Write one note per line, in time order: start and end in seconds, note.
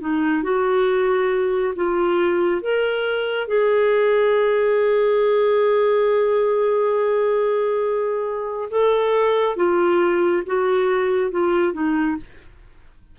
0.00 0.43 D#4
0.43 1.74 F#4
1.75 2.61 F4
2.61 3.47 A#4
3.47 8.69 G#4
8.70 9.56 A4
9.56 10.43 F4
10.46 11.31 F#4
11.31 11.73 F4
11.73 12.16 D#4